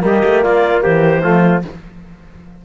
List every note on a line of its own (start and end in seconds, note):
0.00 0.23 G3
0.00 1.20 A#3
0.00 0.44 G4
0.00 0.42 D#5
0.25 0.45 A3
0.42 0.85 A#3
0.42 0.83 F4
0.42 0.82 D5
0.82 1.25 E3
0.82 1.23 G4
0.82 1.62 C5
1.23 1.65 F3
1.23 1.63 A3
1.23 1.64 F4